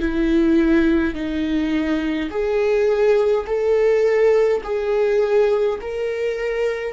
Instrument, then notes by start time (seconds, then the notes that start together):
viola
0.00 E4
1.14 D#4
2.31 G#4
3.47 A4
4.64 G#4
5.82 A#4